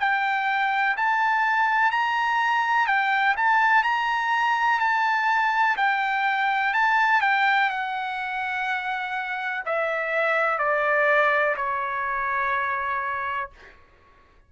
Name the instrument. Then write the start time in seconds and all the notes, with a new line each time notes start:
trumpet
0.00 G5
0.97 A5
1.91 A#5
2.87 G5
3.37 A5
3.83 A#5
4.80 A5
5.77 G5
6.74 A5
7.21 G5
7.70 F#5
9.66 E5
10.58 D5
11.56 C#5